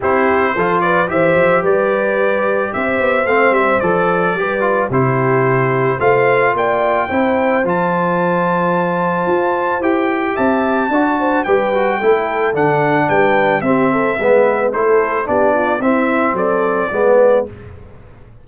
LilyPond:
<<
  \new Staff \with { instrumentName = "trumpet" } { \time 4/4 \tempo 4 = 110 c''4. d''8 e''4 d''4~ | d''4 e''4 f''8 e''8 d''4~ | d''4 c''2 f''4 | g''2 a''2~ |
a''2 g''4 a''4~ | a''4 g''2 fis''4 | g''4 e''2 c''4 | d''4 e''4 d''2 | }
  \new Staff \with { instrumentName = "horn" } { \time 4/4 g'4 a'8 b'8 c''4 b'4~ | b'4 c''2. | b'4 g'2 c''4 | d''4 c''2.~ |
c''2. e''4 | d''8 c''8 b'4 a'2 | b'4 g'8 a'8 b'4 a'4 | g'8 f'8 e'4 a'4 b'4 | }
  \new Staff \with { instrumentName = "trombone" } { \time 4/4 e'4 f'4 g'2~ | g'2 c'4 a'4 | g'8 f'8 e'2 f'4~ | f'4 e'4 f'2~ |
f'2 g'2 | fis'4 g'8 fis'8 e'4 d'4~ | d'4 c'4 b4 e'4 | d'4 c'2 b4 | }
  \new Staff \with { instrumentName = "tuba" } { \time 4/4 c'4 f4 e8 f8 g4~ | g4 c'8 b8 a8 g8 f4 | g4 c2 a4 | ais4 c'4 f2~ |
f4 f'4 e'4 c'4 | d'4 g4 a4 d4 | g4 c'4 gis4 a4 | b4 c'4 fis4 gis4 | }
>>